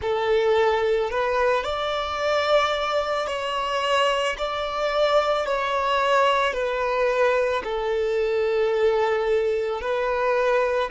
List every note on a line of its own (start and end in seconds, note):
0.01 1.10 A4
1.10 1.64 B4
1.64 3.26 D5
3.26 4.35 C#5
4.38 5.45 D5
5.45 6.53 C#5
6.53 7.62 B4
7.64 9.81 A4
9.81 10.90 B4